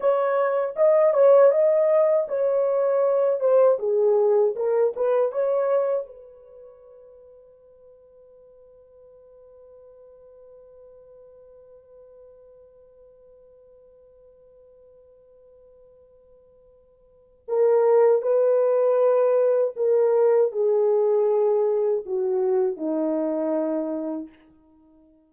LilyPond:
\new Staff \with { instrumentName = "horn" } { \time 4/4 \tempo 4 = 79 cis''4 dis''8 cis''8 dis''4 cis''4~ | cis''8 c''8 gis'4 ais'8 b'8 cis''4 | b'1~ | b'1~ |
b'1~ | b'2. ais'4 | b'2 ais'4 gis'4~ | gis'4 fis'4 dis'2 | }